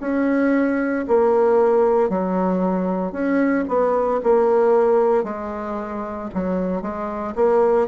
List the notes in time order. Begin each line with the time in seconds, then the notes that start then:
0.00 C#4
1.07 A#3
2.09 F#3
3.11 C#4
3.67 B3
4.23 A#3
5.23 G#3
6.34 F#3
6.81 G#3
7.35 A#3